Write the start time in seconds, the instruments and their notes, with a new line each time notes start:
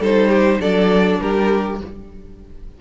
0.00 cello G3, viola D#4, violin A4 C5
0.29 violin G4
0.60 cello F#3, viola D4, violin A4 D5
1.21 cello G3, violin G4 A#4